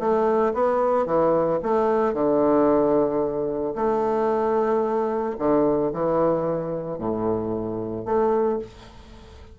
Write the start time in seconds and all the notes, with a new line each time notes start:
0.00 A3
0.54 B3
1.06 E3
1.63 A3
2.14 D3
3.76 A3
5.39 D3
5.93 E3
6.99 A2
8.06 A3